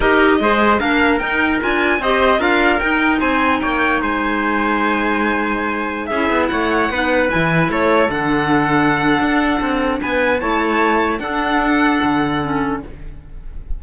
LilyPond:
<<
  \new Staff \with { instrumentName = "violin" } { \time 4/4 \tempo 4 = 150 dis''2 f''4 g''4 | gis''4 dis''4 f''4 g''4 | gis''4 g''4 gis''2~ | gis''2.~ gis''16 e''8.~ |
e''16 fis''2 gis''4 cis''8.~ | cis''16 fis''2.~ fis''8.~ | fis''4 gis''4 a''2 | fis''1 | }
  \new Staff \with { instrumentName = "trumpet" } { \time 4/4 ais'4 c''4 ais'2~ | ais'4 c''4 ais'2 | c''4 cis''4 c''2~ | c''2.~ c''16 gis'8.~ |
gis'16 cis''4 b'2 a'8.~ | a'1~ | a'4 b'4 cis''2 | a'1 | }
  \new Staff \with { instrumentName = "clarinet" } { \time 4/4 g'4 gis'4 d'4 dis'4 | f'4 g'4 f'4 dis'4~ | dis'1~ | dis'2.~ dis'16 e'8.~ |
e'4~ e'16 dis'4 e'4.~ e'16~ | e'16 d'2.~ d'8.~ | d'2 e'2 | d'2. cis'4 | }
  \new Staff \with { instrumentName = "cello" } { \time 4/4 dis'4 gis4 ais4 dis'4 | d'4 c'4 d'4 dis'4 | c'4 ais4 gis2~ | gis2.~ gis16 cis'8 b16~ |
b16 a4 b4 e4 a8.~ | a16 d2~ d8. d'4 | c'4 b4 a2 | d'2 d2 | }
>>